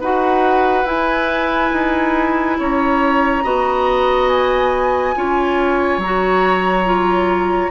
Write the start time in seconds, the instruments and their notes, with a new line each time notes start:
0.00 bassoon D#4, clarinet F#4, oboe B4, flute F#5
0.84 bassoon E4, clarinet E4, flute G#5
1.72 bassoon D#4
2.58 bassoon C#4, oboe C#5, flute A#5
3.43 bassoon B3, clarinet F#4, oboe D#5
4.29 flute G#5
5.15 bassoon C#4, clarinet F4, oboe C#5
5.98 bassoon F#3, flute A#5
6.04 clarinet F#4
6.85 clarinet F4